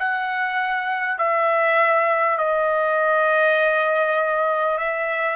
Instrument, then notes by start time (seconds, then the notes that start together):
trumpet
0.00 F#5
1.18 E5
2.38 D#5
4.78 E5